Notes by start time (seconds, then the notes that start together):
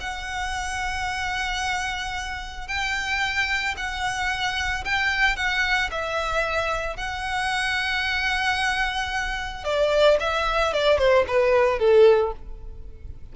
0.00 F#5
2.67 G5
3.76 F#5
4.84 G5
5.36 F#5
5.91 E5
6.96 F#5
9.64 D5
10.19 E5
10.73 D5
10.98 C5
11.27 B4
11.79 A4